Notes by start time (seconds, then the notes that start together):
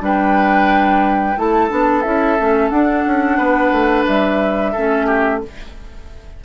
0.00 G3 D4 B4 G5
1.37 A3 E4 A4 A5
1.70 B3 D4
2.02 C#4 E4 E5
2.40 A3 C#4
2.70 D4 F#5
3.07 C#4
3.38 B3 B4
3.72 A3
4.08 G3 E5
4.72 A3 C#4 A4
5.06 G4